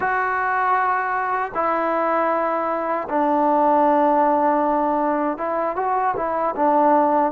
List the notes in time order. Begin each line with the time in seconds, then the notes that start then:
0.00 F#4
1.54 E4
3.09 D4
5.37 E4
5.76 F#4
6.16 E4
6.56 D4